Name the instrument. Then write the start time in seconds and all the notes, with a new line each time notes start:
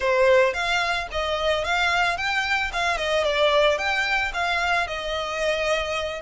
violin
0.00 C5
0.53 F5
1.11 D#5
1.64 F5
2.17 G5
2.72 F5
2.97 D#5
3.24 D5
3.78 G5
4.33 F5
4.87 D#5